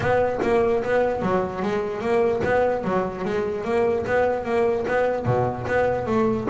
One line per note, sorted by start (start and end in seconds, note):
0.00 0.39 B3
0.42 0.83 A#3
0.83 1.22 B3
1.22 1.62 F#3
1.62 2.00 G#3
2.00 2.41 A#3
2.43 2.84 B3
2.84 3.24 F#3
3.24 3.64 G#3
3.64 4.05 A#3
4.06 4.44 B3
4.44 4.85 A#3
4.87 5.25 B3
5.25 5.66 B2
5.67 6.06 B3
6.06 6.47 A3